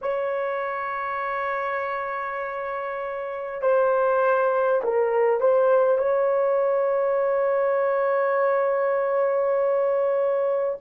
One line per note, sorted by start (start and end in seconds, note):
0.01 3.61 C#5
3.61 4.81 C5
4.83 5.40 A#4
5.40 5.97 C5
5.97 10.77 C#5